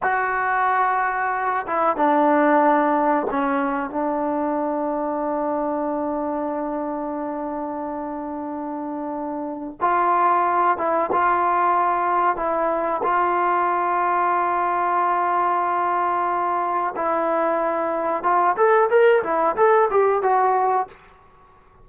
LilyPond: \new Staff \with { instrumentName = "trombone" } { \time 4/4 \tempo 4 = 92 fis'2~ fis'8 e'8 d'4~ | d'4 cis'4 d'2~ | d'1~ | d'2. f'4~ |
f'8 e'8 f'2 e'4 | f'1~ | f'2 e'2 | f'8 a'8 ais'8 e'8 a'8 g'8 fis'4 | }